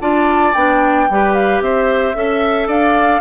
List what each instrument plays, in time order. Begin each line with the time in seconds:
0.00 bassoon D4, clarinet F4, oboe D5, flute A5
0.53 bassoon B3, clarinet D4, flute G5
1.09 bassoon G3, clarinet G4, oboe B4
1.34 flute F5
1.60 bassoon C4, oboe C5, flute E5
2.14 bassoon C#4, clarinet A4, oboe E5
2.67 bassoon D4, oboe D5, flute F5